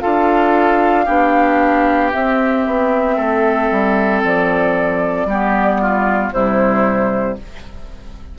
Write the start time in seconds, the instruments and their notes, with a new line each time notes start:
0.00 bassoon D4, clarinet F4, oboe A4, flute F5
1.05 bassoon B3, clarinet D4, oboe G4
2.11 clarinet C4, bassoon C4, flute E5
2.66 bassoon B3
3.16 bassoon A3, oboe A4
3.70 bassoon G3
4.23 bassoon F3, flute D5
5.25 bassoon G3, clarinet B3, oboe G4
5.81 oboe F4
6.32 bassoon C3, clarinet G3, oboe E4, flute C5